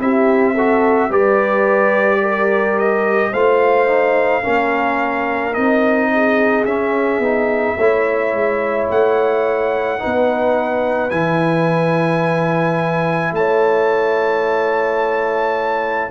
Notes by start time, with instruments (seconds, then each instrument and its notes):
0.00 tuba C4, trombone E4, horn G4, trumpet E5
0.54 trombone F#4, horn A4
1.10 tuba G3, trombone G4, horn B4, trumpet D5
2.22 horn A#4
2.79 trumpet D#5
3.31 tuba A3, trombone F4, horn C5, trumpet F5
3.88 trombone D#4
4.43 tuba A#3, trombone C#4, horn A#4
5.54 tuba C4, trombone D#4, trumpet D#5
6.14 horn G#4
6.65 tuba C#4, trombone C#4, trumpet E5
7.19 tuba B3, trombone D#4
7.78 tuba A3, trombone E4, horn C#5
8.33 tuba G#3
8.91 tuba A3, trumpet F#5
9.99 trombone D#4, horn B4
10.06 tuba B3
11.11 tuba E3, trombone E4, trumpet G#5
13.32 tuba A3, horn C#5, trumpet A5